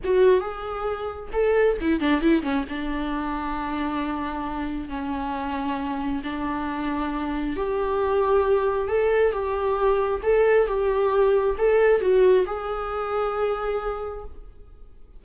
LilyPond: \new Staff \with { instrumentName = "viola" } { \time 4/4 \tempo 4 = 135 fis'4 gis'2 a'4 | e'8 d'8 e'8 cis'8 d'2~ | d'2. cis'4~ | cis'2 d'2~ |
d'4 g'2. | a'4 g'2 a'4 | g'2 a'4 fis'4 | gis'1 | }